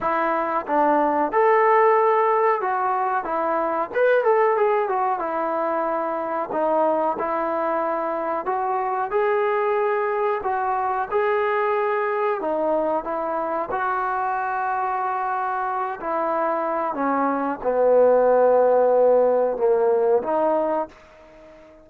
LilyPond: \new Staff \with { instrumentName = "trombone" } { \time 4/4 \tempo 4 = 92 e'4 d'4 a'2 | fis'4 e'4 b'8 a'8 gis'8 fis'8 | e'2 dis'4 e'4~ | e'4 fis'4 gis'2 |
fis'4 gis'2 dis'4 | e'4 fis'2.~ | fis'8 e'4. cis'4 b4~ | b2 ais4 dis'4 | }